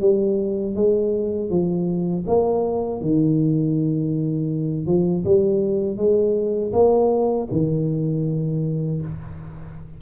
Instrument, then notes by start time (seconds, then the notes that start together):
tuba
0.00 G3
0.75 G#3
1.50 F3
2.26 A#3
3.01 D#3
4.86 F3
5.24 G3
5.97 G#3
6.72 A#3
7.51 D#3